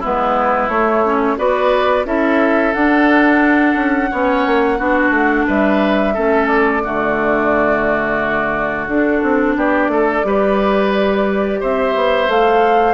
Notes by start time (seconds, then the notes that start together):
0.00 G#3 B3 E4 B4
0.69 A3 C#5
1.04 C#4
1.37 B3 F#4 B4 D5
2.05 C#4 E4 A4 E5
2.74 D4 F#5
3.75 C#4
4.11 B3 C#4 C#5
4.46 A#3
4.78 B3 D4 F#4
5.10 A3
5.47 G3 B4 E5
6.14 A3 C#4 A4
6.47 D5
6.84 D3 A3 F#4
8.87 D4 A4
9.23 C4
9.56 B3 G4 D5
9.88 A3 A4
10.23 G3 G4 B4
11.60 C4 C5 E5
11.95 B3
12.27 A3 A4 F5